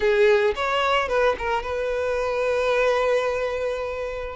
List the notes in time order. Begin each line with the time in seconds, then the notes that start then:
0.00 G#4
0.55 C#5
1.08 B4
1.38 A#4
1.62 B4